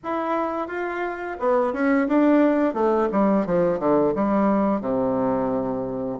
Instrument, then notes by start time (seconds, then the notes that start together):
bassoon
0.03 E4
0.67 F4
1.39 B3
1.73 C#4
2.08 D4
2.73 A3
3.12 G3
3.45 F3
3.79 D3
4.14 G3
4.81 C3